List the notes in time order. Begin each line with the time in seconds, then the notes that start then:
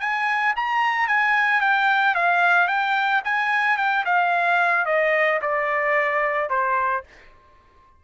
0.00 G#5
0.56 A#5
1.07 G#5
1.61 G5
2.14 F5
2.68 G5
3.24 G#5
3.77 G5
4.05 F5
4.86 D#5
5.41 D5
6.49 C5